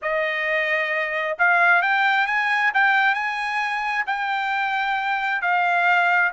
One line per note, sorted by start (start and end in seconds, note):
0.02 1.37 D#5
1.38 1.82 F5
1.82 2.26 G5
2.26 2.71 G#5
2.74 3.14 G5
3.14 4.04 G#5
4.06 5.41 G5
5.41 6.31 F5